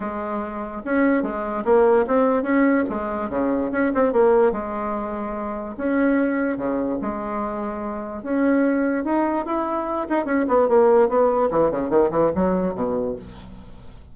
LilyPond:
\new Staff \with { instrumentName = "bassoon" } { \time 4/4 \tempo 4 = 146 gis2 cis'4 gis4 | ais4 c'4 cis'4 gis4 | cis4 cis'8 c'8 ais4 gis4~ | gis2 cis'2 |
cis4 gis2. | cis'2 dis'4 e'4~ | e'8 dis'8 cis'8 b8 ais4 b4 | e8 cis8 dis8 e8 fis4 b,4 | }